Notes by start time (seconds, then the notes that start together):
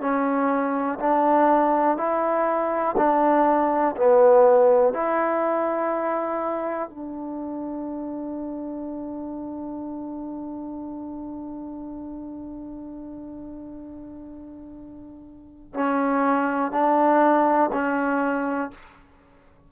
0.00 C#4
0.99 D4
1.97 E4
2.97 D4
3.96 B3
4.94 E4
6.89 D4
15.74 C#4
16.72 D4
17.72 C#4